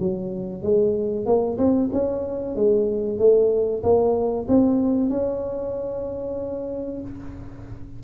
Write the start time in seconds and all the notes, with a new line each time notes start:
0.00 F#3
0.63 G#3
1.26 A#3
1.58 C4
1.93 C#4
2.56 G#3
3.19 A3
3.83 A#3
4.49 C4
5.10 C#4